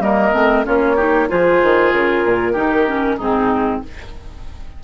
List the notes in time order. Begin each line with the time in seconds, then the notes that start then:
0.00 G3 A#3 A#4 D#5
0.33 A3 C4
0.64 A#3 C#4 F4 C#5
0.96 D#4 G4
1.28 F3 F4 G#4 C5
1.63 D#3
1.92 C#3 A#4
2.24 A#2
2.52 D#3 D#4 G4
2.87 C#4
3.17 G#2 C4 D#4 G#4